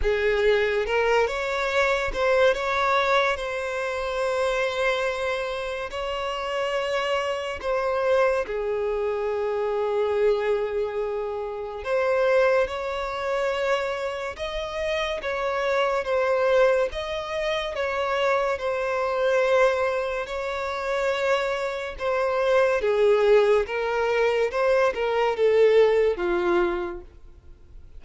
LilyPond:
\new Staff \with { instrumentName = "violin" } { \time 4/4 \tempo 4 = 71 gis'4 ais'8 cis''4 c''8 cis''4 | c''2. cis''4~ | cis''4 c''4 gis'2~ | gis'2 c''4 cis''4~ |
cis''4 dis''4 cis''4 c''4 | dis''4 cis''4 c''2 | cis''2 c''4 gis'4 | ais'4 c''8 ais'8 a'4 f'4 | }